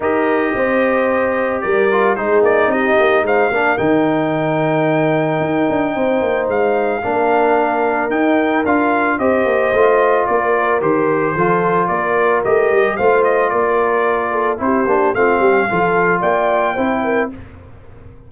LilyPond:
<<
  \new Staff \with { instrumentName = "trumpet" } { \time 4/4 \tempo 4 = 111 dis''2. d''4 | c''8 d''8 dis''4 f''4 g''4~ | g''1 | f''2. g''4 |
f''4 dis''2 d''4 | c''2 d''4 dis''4 | f''8 dis''8 d''2 c''4 | f''2 g''2 | }
  \new Staff \with { instrumentName = "horn" } { \time 4/4 ais'4 c''2 ais'4 | gis'4 g'4 c''8 ais'4.~ | ais'2. c''4~ | c''4 ais'2.~ |
ais'4 c''2 ais'4~ | ais'4 a'4 ais'2 | c''4 ais'4. a'8 g'4 | f'8 g'8 a'4 d''4 c''8 ais'8 | }
  \new Staff \with { instrumentName = "trombone" } { \time 4/4 g'2.~ g'8 f'8 | dis'2~ dis'8 d'8 dis'4~ | dis'1~ | dis'4 d'2 dis'4 |
f'4 g'4 f'2 | g'4 f'2 g'4 | f'2. e'8 d'8 | c'4 f'2 e'4 | }
  \new Staff \with { instrumentName = "tuba" } { \time 4/4 dis'4 c'2 g4 | gis8 ais8 c'8 ais8 gis8 ais8 dis4~ | dis2 dis'8 d'8 c'8 ais8 | gis4 ais2 dis'4 |
d'4 c'8 ais8 a4 ais4 | dis4 f4 ais4 a8 g8 | a4 ais2 c'8 ais8 | a8 g8 f4 ais4 c'4 | }
>>